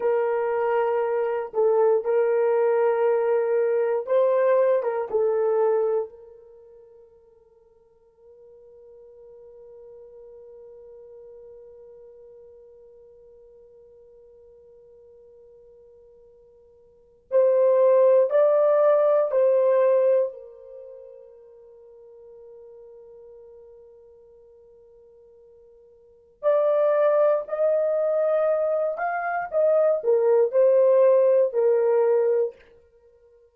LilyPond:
\new Staff \with { instrumentName = "horn" } { \time 4/4 \tempo 4 = 59 ais'4. a'8 ais'2 | c''8. ais'16 a'4 ais'2~ | ais'1~ | ais'1~ |
ais'4 c''4 d''4 c''4 | ais'1~ | ais'2 d''4 dis''4~ | dis''8 f''8 dis''8 ais'8 c''4 ais'4 | }